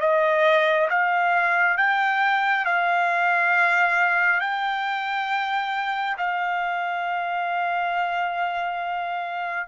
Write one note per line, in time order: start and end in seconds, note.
0.00 0.88 D#5
0.89 1.77 F5
1.77 2.65 G5
2.65 4.40 F5
4.40 6.16 G5
6.17 9.68 F5